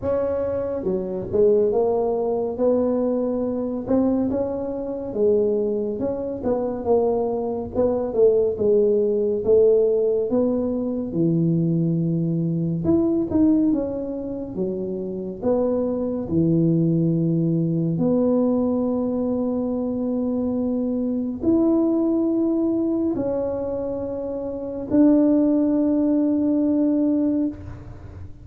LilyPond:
\new Staff \with { instrumentName = "tuba" } { \time 4/4 \tempo 4 = 70 cis'4 fis8 gis8 ais4 b4~ | b8 c'8 cis'4 gis4 cis'8 b8 | ais4 b8 a8 gis4 a4 | b4 e2 e'8 dis'8 |
cis'4 fis4 b4 e4~ | e4 b2.~ | b4 e'2 cis'4~ | cis'4 d'2. | }